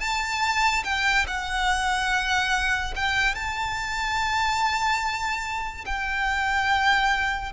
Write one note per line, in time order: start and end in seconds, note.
0.00 0.83 A5
0.84 1.26 G5
1.27 2.94 F#5
2.95 3.34 G5
3.34 5.84 A5
5.86 7.52 G5